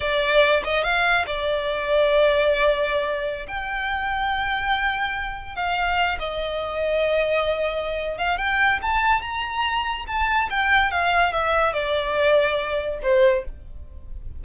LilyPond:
\new Staff \with { instrumentName = "violin" } { \time 4/4 \tempo 4 = 143 d''4. dis''8 f''4 d''4~ | d''1~ | d''16 g''2.~ g''8.~ | g''4~ g''16 f''4. dis''4~ dis''16~ |
dis''2.~ dis''8 f''8 | g''4 a''4 ais''2 | a''4 g''4 f''4 e''4 | d''2. c''4 | }